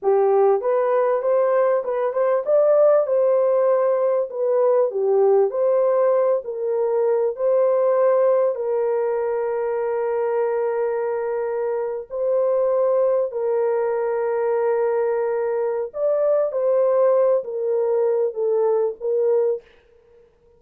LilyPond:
\new Staff \with { instrumentName = "horn" } { \time 4/4 \tempo 4 = 98 g'4 b'4 c''4 b'8 c''8 | d''4 c''2 b'4 | g'4 c''4. ais'4. | c''2 ais'2~ |
ais'2.~ ais'8. c''16~ | c''4.~ c''16 ais'2~ ais'16~ | ais'2 d''4 c''4~ | c''8 ais'4. a'4 ais'4 | }